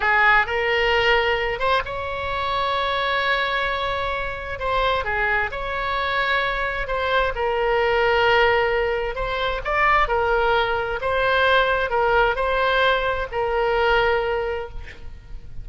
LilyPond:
\new Staff \with { instrumentName = "oboe" } { \time 4/4 \tempo 4 = 131 gis'4 ais'2~ ais'8 c''8 | cis''1~ | cis''2 c''4 gis'4 | cis''2. c''4 |
ais'1 | c''4 d''4 ais'2 | c''2 ais'4 c''4~ | c''4 ais'2. | }